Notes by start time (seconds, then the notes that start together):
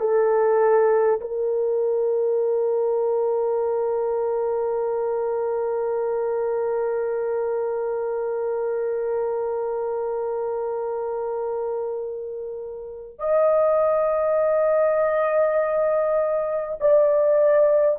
0.00 A4
1.21 A#4
13.19 D#5
16.81 D5